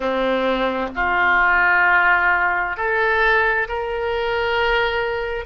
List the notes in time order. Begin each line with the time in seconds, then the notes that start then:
0.00 C4
0.95 F4
2.76 A4
3.68 A#4